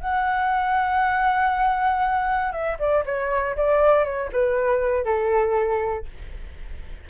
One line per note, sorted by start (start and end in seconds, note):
0.00 2.52 F#5
2.52 2.77 E5
2.79 3.04 D5
3.05 3.56 C#5
3.56 4.05 D5
4.05 4.30 C#5
4.32 5.04 B4
5.04 6.05 A4